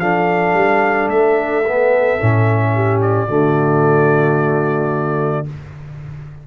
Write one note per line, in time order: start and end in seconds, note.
0.00 0.54 F3
0.00 1.64 D4
0.00 2.74 A4
0.00 1.09 F5
0.54 1.08 G3
1.08 2.17 A3
1.08 3.00 E5
1.66 2.20 B3
2.20 3.29 A2
2.20 3.28 C#4
2.74 3.27 G4
3.02 5.47 D5
3.27 5.47 D3
3.27 5.46 A3
3.27 5.45 F#4